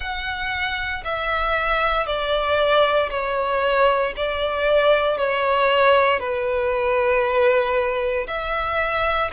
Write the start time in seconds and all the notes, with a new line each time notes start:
0.00 F#5
1.04 E5
2.06 D5
3.10 C#5
4.16 D5
5.17 C#5
6.19 B4
8.27 E5